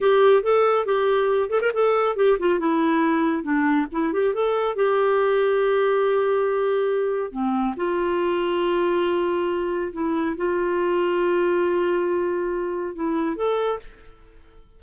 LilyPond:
\new Staff \with { instrumentName = "clarinet" } { \time 4/4 \tempo 4 = 139 g'4 a'4 g'4. a'16 ais'16 | a'4 g'8 f'8 e'2 | d'4 e'8 g'8 a'4 g'4~ | g'1~ |
g'4 c'4 f'2~ | f'2. e'4 | f'1~ | f'2 e'4 a'4 | }